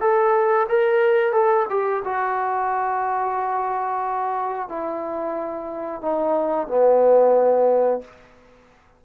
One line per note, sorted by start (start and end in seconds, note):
0.00 0.67 A4
0.68 1.32 A#4
1.32 1.66 A4
1.70 2.03 G4
2.04 4.68 F#4
4.68 6.02 E4
6.02 6.68 D#4
6.68 8.01 B3